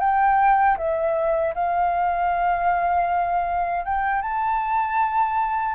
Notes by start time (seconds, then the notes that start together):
0.00 G5
0.77 E5
1.54 F5
3.85 G5
4.22 A5